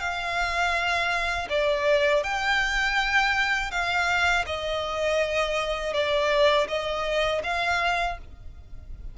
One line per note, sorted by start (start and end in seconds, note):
0.00 1.48 F5
1.49 2.24 D5
2.24 3.71 G5
3.71 4.45 F5
4.46 5.94 D#5
5.94 6.68 D5
6.68 7.42 D#5
7.44 8.18 F5